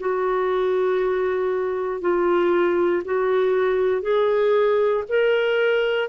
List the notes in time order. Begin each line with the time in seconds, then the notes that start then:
0.00 F#4
2.01 F4
3.05 F#4
4.02 G#4
5.09 A#4